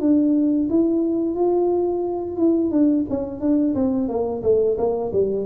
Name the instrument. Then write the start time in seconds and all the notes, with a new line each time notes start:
tuba
0.00 D4
0.70 E4
1.35 F4
2.37 E4
2.71 D4
3.10 C#4
3.40 D4
3.75 C4
4.08 A#3
4.43 A3
4.77 A#3
5.12 G3